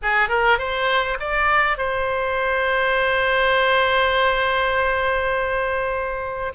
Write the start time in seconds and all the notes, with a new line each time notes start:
0.02 G#4
0.29 A#4
0.58 C5
1.19 D5
1.77 C5